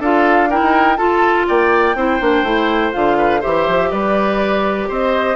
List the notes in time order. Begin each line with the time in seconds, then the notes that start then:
0.00 D4 F4 A4 F5
0.50 E4 A#4 G5
0.62 D#4
0.97 F4 A4 A5
1.48 A#3 D5 G5
1.95 C4 E4 C5
2.21 A#3 D4
2.43 A3 E4
2.92 D3 F4 F5
3.18 B4
3.41 E3 G4 C5 E5
3.68 F3
3.91 G3 B4 D5
4.89 C4 C5 D#5